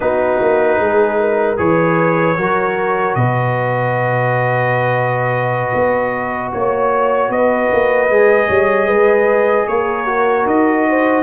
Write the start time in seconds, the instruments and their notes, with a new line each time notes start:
0.00 tuba B3, trombone D#4, horn F#4, trumpet B4
0.41 tuba A#3
0.79 tuba G#3, horn G#4
1.20 horn A#4
1.56 tuba E3, trombone G#4, horn B4, trumpet C#5
2.37 tuba F#3, trombone F#4, horn A#4
3.14 tuba B2, horn B4, trumpet D#5
5.74 tuba B3
6.52 tuba A#3, trumpet C#5, horn C#5
7.29 tuba B3, horn B4, trumpet D#5
7.72 tuba A#3
8.09 tuba G#3, trombone G#4
8.48 tuba G3, horn C#5
8.86 tuba G#3, horn B4
9.67 tuba A#3, horn A#4, trumpet C#5
10.06 trombone F#4
10.45 tuba D#4, trumpet D#5
10.89 horn C5